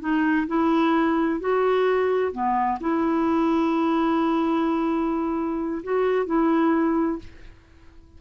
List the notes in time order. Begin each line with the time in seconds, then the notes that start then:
0.00 D#4
0.47 E4
1.40 F#4
2.32 B3
2.80 E4
5.83 F#4
6.26 E4